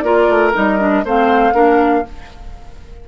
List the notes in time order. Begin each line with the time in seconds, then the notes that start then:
0.00 A#3 F4 A#4 D5
0.28 A3
0.53 G3 D#4 D#5
0.79 D4
1.04 A3 C4 C5 F5
1.53 A#3 D4 A#4